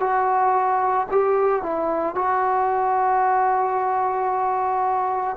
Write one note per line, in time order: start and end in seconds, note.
0.00 1.07 F#4
1.12 1.63 G4
1.63 2.16 E4
2.16 5.37 F#4